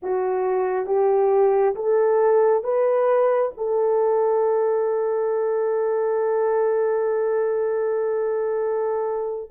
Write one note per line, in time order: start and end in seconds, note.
0.02 0.86 F#4
0.86 1.74 G4
1.75 2.63 A4
2.63 3.51 B4
3.57 9.50 A4